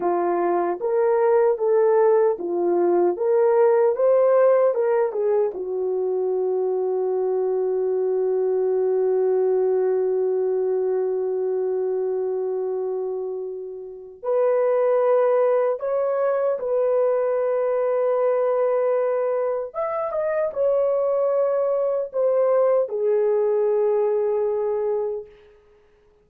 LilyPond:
\new Staff \with { instrumentName = "horn" } { \time 4/4 \tempo 4 = 76 f'4 ais'4 a'4 f'4 | ais'4 c''4 ais'8 gis'8 fis'4~ | fis'1~ | fis'1~ |
fis'2 b'2 | cis''4 b'2.~ | b'4 e''8 dis''8 cis''2 | c''4 gis'2. | }